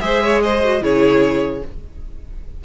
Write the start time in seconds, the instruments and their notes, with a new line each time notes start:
0.00 cello G#3, viola G#4, violin C5 E5
0.23 violin C#5
0.43 violin C5 D#5
0.63 viola F#4
0.81 cello C#3, viola E4, violin G#4 C#5